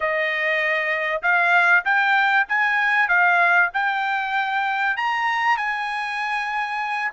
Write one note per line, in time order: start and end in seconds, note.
0.00 1.22 D#5
1.22 1.84 F5
1.84 2.46 G5
2.48 3.08 G#5
3.08 3.70 F5
3.73 4.96 G5
4.96 5.57 A#5
5.57 7.11 G#5